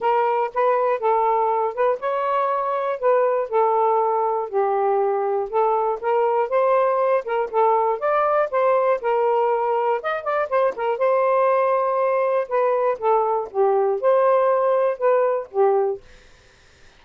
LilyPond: \new Staff \with { instrumentName = "saxophone" } { \time 4/4 \tempo 4 = 120 ais'4 b'4 a'4. b'8 | cis''2 b'4 a'4~ | a'4 g'2 a'4 | ais'4 c''4. ais'8 a'4 |
d''4 c''4 ais'2 | dis''8 d''8 c''8 ais'8 c''2~ | c''4 b'4 a'4 g'4 | c''2 b'4 g'4 | }